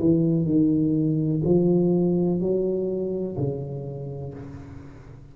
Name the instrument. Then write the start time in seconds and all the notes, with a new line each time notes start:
tuba
0.00 E3
0.45 D#3
1.45 F3
2.41 F#3
3.37 C#3